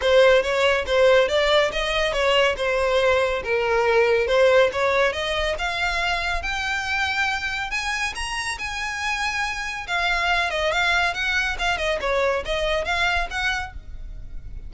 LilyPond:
\new Staff \with { instrumentName = "violin" } { \time 4/4 \tempo 4 = 140 c''4 cis''4 c''4 d''4 | dis''4 cis''4 c''2 | ais'2 c''4 cis''4 | dis''4 f''2 g''4~ |
g''2 gis''4 ais''4 | gis''2. f''4~ | f''8 dis''8 f''4 fis''4 f''8 dis''8 | cis''4 dis''4 f''4 fis''4 | }